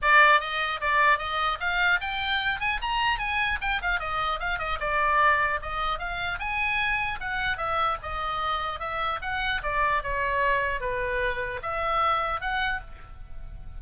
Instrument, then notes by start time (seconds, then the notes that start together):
oboe
0.01 D5
0.40 D#5
0.80 D5
1.18 D#5
1.60 F5
2.00 G5
2.59 G#5
2.81 A#5
3.18 G#5
3.61 G5
3.81 F5
3.99 D#5
4.39 F5
4.58 D#5
4.79 D5
5.62 D#5
5.99 F5
6.39 G#5
7.20 F#5
7.57 E5
8.02 D#5
8.79 E5
9.21 F#5
9.62 D5
10.02 C#5
10.80 B4
11.62 E5
12.40 F#5